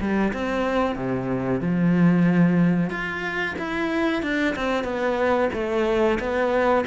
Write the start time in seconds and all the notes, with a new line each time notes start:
0.00 G3
0.33 C4
0.95 C3
1.61 F3
2.90 F4
3.58 E4
4.22 D4
4.55 C4
4.83 B3
5.53 A3
6.19 B3